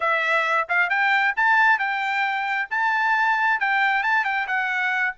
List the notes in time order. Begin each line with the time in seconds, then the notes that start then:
0.00 E5
0.68 F5
0.89 G5
1.36 A5
1.78 G5
2.70 A5
3.60 G5
4.03 A5
4.24 G5
4.47 F#5